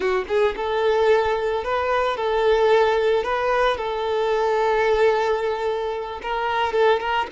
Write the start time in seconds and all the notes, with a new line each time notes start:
0.00 F#4
0.28 G#4
0.56 A4
1.64 B4
2.16 A4
3.23 B4
3.77 A4
6.22 A#4
6.72 A4
7.00 A#4